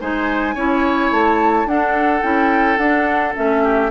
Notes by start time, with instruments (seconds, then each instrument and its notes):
0.00 bassoon G#3, clarinet D#4, oboe C5, flute G#5
0.54 bassoon C#4, clarinet E4, oboe C#5
1.11 bassoon A3, flute A5
1.65 bassoon D4, clarinet D4, oboe A4, flute F#5
2.21 bassoon C#4, clarinet E4, flute G5
2.77 bassoon D4, clarinet D4, flute F#5
3.35 bassoon A3, clarinet C#4, flute E5
3.63 oboe G4